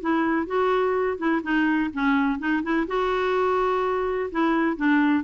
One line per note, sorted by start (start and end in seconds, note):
0.00 0.46 E4
0.46 1.18 F#4
1.18 1.41 E4
1.43 1.90 D#4
1.93 2.39 C#4
2.39 2.62 D#4
2.63 2.86 E4
2.87 4.30 F#4
4.31 4.76 E4
4.76 5.24 D4